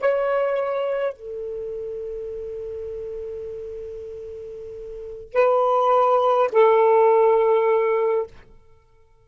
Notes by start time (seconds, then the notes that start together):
0.00 C#5
1.13 A4
5.33 B4
6.52 A4